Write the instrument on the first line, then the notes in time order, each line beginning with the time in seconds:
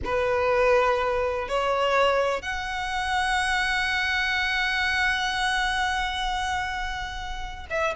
violin
0.04 B4
1.48 C#5
2.42 F#5
7.70 E5